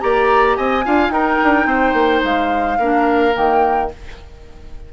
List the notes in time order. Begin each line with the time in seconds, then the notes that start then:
0.00 A#3 G4 D5 A#5
0.57 C4 D#5 G#5
0.84 D4 F4 F5
1.10 D#4 A#4 G5
1.43 D4
1.66 C4 C5
1.94 A#3
2.24 G#3 F5
2.79 A#3 D4 A#4
3.34 D#3 A#3 G5